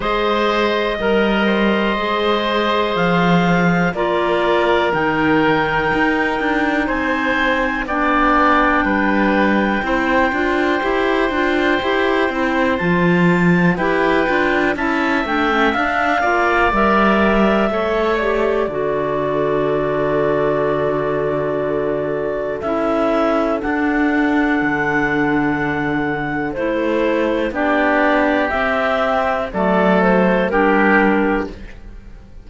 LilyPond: <<
  \new Staff \with { instrumentName = "clarinet" } { \time 4/4 \tempo 4 = 61 dis''2. f''4 | d''4 g''2 gis''4 | g''1~ | g''4 a''4 g''4 a''8 g''8 |
f''4 e''4. d''4.~ | d''2. e''4 | fis''2. c''4 | d''4 e''4 d''8 c''8 ais'4 | }
  \new Staff \with { instrumentName = "oboe" } { \time 4/4 c''4 ais'8 c''2~ c''8 | ais'2. c''4 | d''4 b'4 c''2~ | c''2 b'4 e''4~ |
e''8 d''4. cis''4 a'4~ | a'1~ | a'1 | g'2 a'4 g'4 | }
  \new Staff \with { instrumentName = "clarinet" } { \time 4/4 gis'4 ais'4 gis'2 | f'4 dis'2. | d'2 e'8 f'8 g'8 f'8 | g'8 e'8 f'4 g'8 f'8 e'8 d'16 cis'16 |
d'8 f'8 ais'4 a'8 g'8 fis'4~ | fis'2. e'4 | d'2. e'4 | d'4 c'4 a4 d'4 | }
  \new Staff \with { instrumentName = "cello" } { \time 4/4 gis4 g4 gis4 f4 | ais4 dis4 dis'8 d'8 c'4 | b4 g4 c'8 d'8 e'8 d'8 | e'8 c'8 f4 e'8 d'8 cis'8 a8 |
d'8 ais8 g4 a4 d4~ | d2. cis'4 | d'4 d2 a4 | b4 c'4 fis4 g4 | }
>>